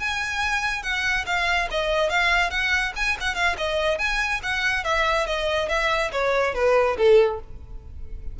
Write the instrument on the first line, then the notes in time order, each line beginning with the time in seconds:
violin
0.00 G#5
0.83 F#5
1.26 F5
1.71 D#5
2.10 F5
2.51 F#5
2.96 G#5
3.20 F#5
3.35 F5
3.58 D#5
3.99 G#5
4.43 F#5
4.84 E5
5.27 D#5
5.69 E5
6.12 C#5
6.55 B4
6.98 A4